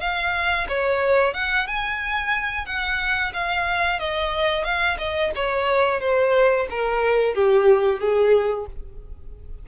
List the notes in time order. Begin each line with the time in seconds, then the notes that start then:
0.00 F5
0.68 C#5
1.33 F#5
1.66 G#5
2.65 F#5
3.33 F5
3.99 D#5
4.64 F5
4.98 D#5
5.35 C#5
6.00 C5
6.70 A#4
7.35 G4
7.99 G#4